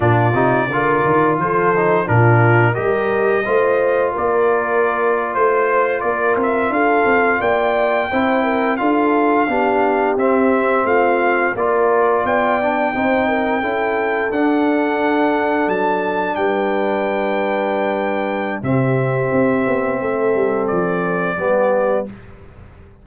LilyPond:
<<
  \new Staff \with { instrumentName = "trumpet" } { \time 4/4 \tempo 4 = 87 d''2 c''4 ais'4 | dis''2 d''4.~ d''16 c''16~ | c''8. d''8 e''8 f''4 g''4~ g''16~ | g''8. f''2 e''4 f''16~ |
f''8. d''4 g''2~ g''16~ | g''8. fis''2 a''4 g''16~ | g''2. e''4~ | e''2 d''2 | }
  \new Staff \with { instrumentName = "horn" } { \time 4/4 f'4 ais'4 a'4 f'4 | ais'4 c''4 ais'4.~ ais'16 c''16~ | c''8. ais'4 a'4 d''4 c''16~ | c''16 ais'8 a'4 g'2 f'16~ |
f'8. ais'4 d''4 c''8 ais'8 a'16~ | a'2.~ a'8. b'16~ | b'2. g'4~ | g'4 a'2 g'4 | }
  \new Staff \with { instrumentName = "trombone" } { \time 4/4 d'8 dis'8 f'4. dis'8 d'4 | g'4 f'2.~ | f'2.~ f'8. e'16~ | e'8. f'4 d'4 c'4~ c'16~ |
c'8. f'4. d'8 dis'4 e'16~ | e'8. d'2.~ d'16~ | d'2. c'4~ | c'2. b4 | }
  \new Staff \with { instrumentName = "tuba" } { \time 4/4 ais,8 c8 d8 dis8 f4 ais,4 | g4 a4 ais4.~ ais16 a16~ | a8. ais8 c'8 d'8 c'8 ais4 c'16~ | c'8. d'4 b4 c'4 a16~ |
a8. ais4 b4 c'4 cis'16~ | cis'8. d'2 fis4 g16~ | g2. c4 | c'8 b8 a8 g8 f4 g4 | }
>>